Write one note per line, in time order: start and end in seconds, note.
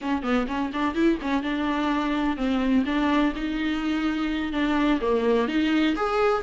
0.01 0.23 C#4
0.23 0.46 B3
0.47 0.71 C#4
0.73 0.94 D4
0.94 1.18 E4
1.21 1.42 C#4
1.42 2.36 D4
2.36 2.84 C4
2.85 3.33 D4
3.35 4.52 D#4
4.52 5.00 D4
5.01 5.48 A#3
5.48 5.95 D#4
5.96 6.42 G#4